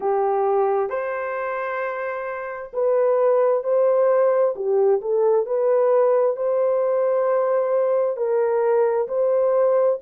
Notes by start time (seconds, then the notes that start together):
0.00 G4
0.89 C5
2.73 B4
3.63 C5
4.55 G4
5.01 A4
5.45 B4
6.36 C5
8.16 A#4
9.08 C5